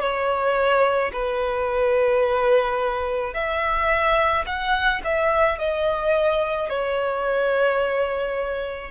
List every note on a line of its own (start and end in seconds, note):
0.00 1.11 C#5
1.12 3.33 B4
3.33 4.44 E5
4.45 5.01 F#5
5.04 5.58 E5
5.58 6.69 D#5
6.69 8.90 C#5